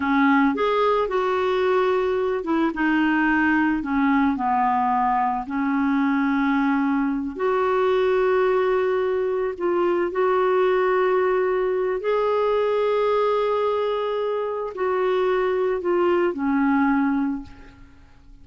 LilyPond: \new Staff \with { instrumentName = "clarinet" } { \time 4/4 \tempo 4 = 110 cis'4 gis'4 fis'2~ | fis'8 e'8 dis'2 cis'4 | b2 cis'2~ | cis'4. fis'2~ fis'8~ |
fis'4. f'4 fis'4.~ | fis'2 gis'2~ | gis'2. fis'4~ | fis'4 f'4 cis'2 | }